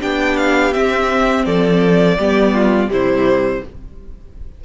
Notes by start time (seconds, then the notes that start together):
0.00 B3 D4 G4 G5
0.37 F5
0.73 C4 E5
1.45 F3 A4 D5
2.18 G3 B3 G4
2.53 F4
2.88 C3 G3 E4 C5